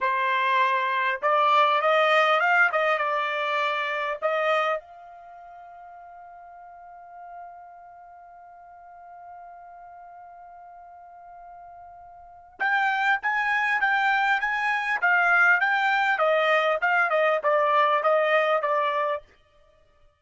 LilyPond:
\new Staff \with { instrumentName = "trumpet" } { \time 4/4 \tempo 4 = 100 c''2 d''4 dis''4 | f''8 dis''8 d''2 dis''4 | f''1~ | f''1~ |
f''1~ | f''4 g''4 gis''4 g''4 | gis''4 f''4 g''4 dis''4 | f''8 dis''8 d''4 dis''4 d''4 | }